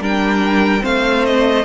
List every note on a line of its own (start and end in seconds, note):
0.00 0.82 G3
0.00 0.80 D4
0.00 0.83 A#4
0.00 0.84 G5
0.80 1.65 A3
0.80 1.62 C4
0.80 1.65 C5
0.80 1.25 F5
1.25 1.65 D#5